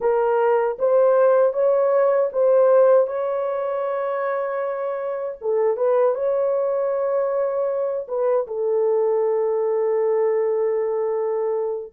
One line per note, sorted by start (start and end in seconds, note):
0.00 0.77 A#4
0.79 1.53 C5
1.53 2.30 C#5
2.32 3.07 C5
3.07 5.37 C#5
5.41 5.77 A4
5.77 6.14 B4
6.14 8.07 C#5
8.08 8.46 B4
8.47 11.93 A4